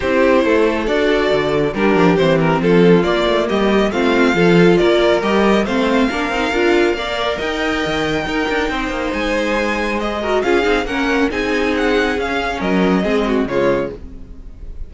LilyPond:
<<
  \new Staff \with { instrumentName = "violin" } { \time 4/4 \tempo 4 = 138 c''2 d''2 | ais'4 c''8 ais'8 a'4 d''4 | dis''4 f''2 d''4 | dis''4 f''2.~ |
f''4 g''2.~ | g''4 gis''2 dis''4 | f''4 fis''4 gis''4 fis''4 | f''4 dis''2 cis''4 | }
  \new Staff \with { instrumentName = "violin" } { \time 4/4 g'4 a'2. | g'2 f'2 | g'4 f'4 a'4 ais'4~ | ais'4 c''4 ais'2 |
d''4 dis''2 ais'4 | c''2.~ c''8 ais'8 | gis'4 ais'4 gis'2~ | gis'4 ais'4 gis'8 fis'8 f'4 | }
  \new Staff \with { instrumentName = "viola" } { \time 4/4 e'2 fis'2 | d'4 c'2 ais4~ | ais4 c'4 f'2 | g'4 c'4 d'8 dis'8 f'4 |
ais'2. dis'4~ | dis'2. gis'8 fis'8 | f'8 dis'8 cis'4 dis'2 | cis'2 c'4 gis4 | }
  \new Staff \with { instrumentName = "cello" } { \time 4/4 c'4 a4 d'4 d4 | g8 f8 e4 f4 ais8 a8 | g4 a4 f4 ais4 | g4 a4 ais8 c'8 d'4 |
ais4 dis'4 dis4 dis'8 d'8 | c'8 ais8 gis2. | cis'8 c'8 ais4 c'2 | cis'4 fis4 gis4 cis4 | }
>>